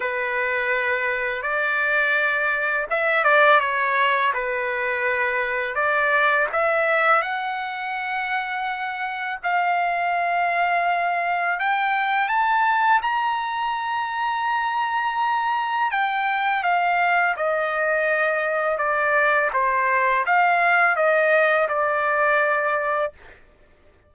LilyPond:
\new Staff \with { instrumentName = "trumpet" } { \time 4/4 \tempo 4 = 83 b'2 d''2 | e''8 d''8 cis''4 b'2 | d''4 e''4 fis''2~ | fis''4 f''2. |
g''4 a''4 ais''2~ | ais''2 g''4 f''4 | dis''2 d''4 c''4 | f''4 dis''4 d''2 | }